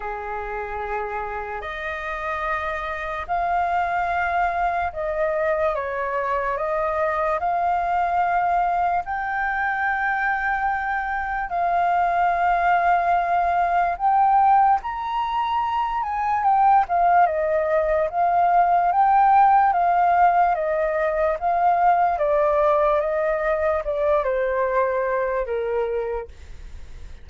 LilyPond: \new Staff \with { instrumentName = "flute" } { \time 4/4 \tempo 4 = 73 gis'2 dis''2 | f''2 dis''4 cis''4 | dis''4 f''2 g''4~ | g''2 f''2~ |
f''4 g''4 ais''4. gis''8 | g''8 f''8 dis''4 f''4 g''4 | f''4 dis''4 f''4 d''4 | dis''4 d''8 c''4. ais'4 | }